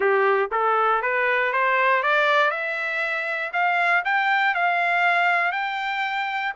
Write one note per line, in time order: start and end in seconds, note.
0.00 0.50 G4
0.51 1.02 A4
1.02 1.52 B4
1.52 2.02 C5
2.02 2.50 D5
2.50 3.51 E5
3.52 4.03 F5
4.05 4.54 G5
4.54 5.52 F5
5.52 6.53 G5